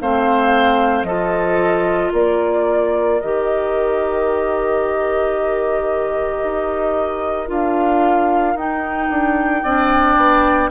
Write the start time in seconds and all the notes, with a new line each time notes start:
0.00 A3 C4 C5 F5
1.03 F3 F4 A4 D#5
2.12 A#3 A#4 D5
3.20 D#3 G4 D#5
6.43 D#4
7.47 D4 F4 F5
8.54 D#4 G5
9.09 D4
9.63 C4 D4 D5
10.16 B3